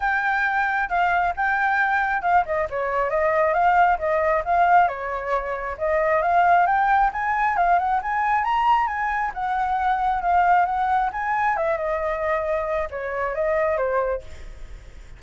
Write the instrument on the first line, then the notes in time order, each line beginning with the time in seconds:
flute
0.00 G5
0.89 F5
1.36 G5
2.22 F5
2.45 D#5
2.69 C#5
3.09 D#5
3.53 F5
3.98 D#5
4.44 F5
4.88 C#5
5.77 D#5
6.21 F5
6.66 G5
7.12 G#5
7.56 F5
7.78 F#5
8.02 G#5
8.43 A#5
8.87 G#5
9.34 F#5
10.22 F5
10.65 F#5
11.12 G#5
11.57 E5
11.77 D#5
12.90 C#5
13.34 D#5
13.77 C5